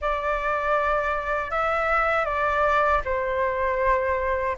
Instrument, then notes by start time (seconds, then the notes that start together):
flute
0.01 D5
1.51 E5
2.25 D5
3.04 C5